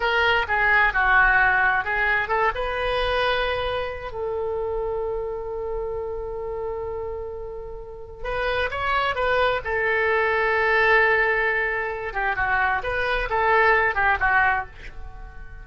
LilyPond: \new Staff \with { instrumentName = "oboe" } { \time 4/4 \tempo 4 = 131 ais'4 gis'4 fis'2 | gis'4 a'8 b'2~ b'8~ | b'4 a'2.~ | a'1~ |
a'2 b'4 cis''4 | b'4 a'2.~ | a'2~ a'8 g'8 fis'4 | b'4 a'4. g'8 fis'4 | }